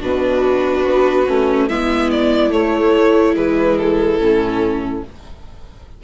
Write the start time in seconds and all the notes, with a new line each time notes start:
0.00 B2 D4 F#4 B4
0.85 B3
1.27 A3 C#4
1.68 G#3 B3 E4 E5
2.11 D5
2.50 A3 C#5
3.35 E3 G#3 B4
3.78 A4
4.19 A2 C#4